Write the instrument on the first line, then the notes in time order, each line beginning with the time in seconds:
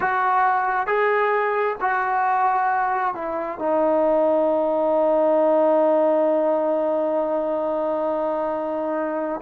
trombone
0.00 F#4
0.86 G#4
1.80 F#4
3.14 E4
3.58 D#4